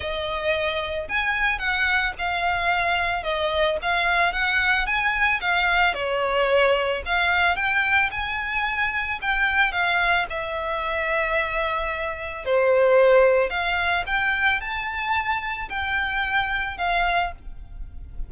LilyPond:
\new Staff \with { instrumentName = "violin" } { \time 4/4 \tempo 4 = 111 dis''2 gis''4 fis''4 | f''2 dis''4 f''4 | fis''4 gis''4 f''4 cis''4~ | cis''4 f''4 g''4 gis''4~ |
gis''4 g''4 f''4 e''4~ | e''2. c''4~ | c''4 f''4 g''4 a''4~ | a''4 g''2 f''4 | }